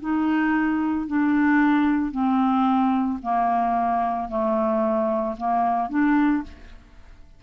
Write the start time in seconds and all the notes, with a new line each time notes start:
0.00 D#4
1.07 D4
2.11 C4
3.22 A#3
4.29 A3
5.37 A#3
5.89 D4